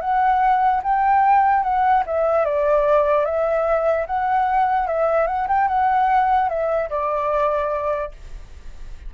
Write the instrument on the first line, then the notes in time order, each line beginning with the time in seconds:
flute
0.00 F#5
0.83 G5
1.63 F#5
2.06 E5
2.45 D5
3.25 E5
4.06 F#5
4.86 E5
5.27 F#5
5.48 G5
5.68 F#5
6.49 E5
6.89 D5